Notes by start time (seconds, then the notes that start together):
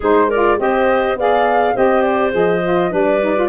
0.00 G#3 D#4 G#4 C5
0.28 A#4 D5
0.34 F4
0.58 C4 G4 C5 D#5
1.16 B3 G#4 D5 F5
1.74 C4 G4 C5 D#5
2.01 D5
2.31 F3 G#4 D#5
2.63 F4
2.90 G3 D4 B4 D5
3.21 D#4
3.35 F4